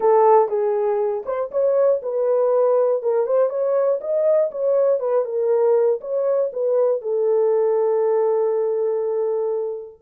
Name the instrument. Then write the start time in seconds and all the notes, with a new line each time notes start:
horn
0.00 A4
0.48 G#4
1.25 C5
1.51 C#5
2.02 B4
3.02 A#4
3.26 C5
3.49 C#5
4.00 D#5
4.51 C#5
4.99 B4
5.25 A#4
6.00 C#5
6.52 B4
7.01 A4